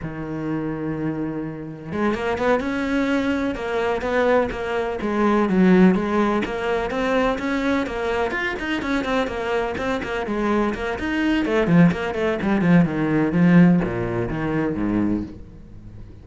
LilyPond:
\new Staff \with { instrumentName = "cello" } { \time 4/4 \tempo 4 = 126 dis1 | gis8 ais8 b8 cis'2 ais8~ | ais8 b4 ais4 gis4 fis8~ | fis8 gis4 ais4 c'4 cis'8~ |
cis'8 ais4 f'8 dis'8 cis'8 c'8 ais8~ | ais8 c'8 ais8 gis4 ais8 dis'4 | a8 f8 ais8 a8 g8 f8 dis4 | f4 ais,4 dis4 gis,4 | }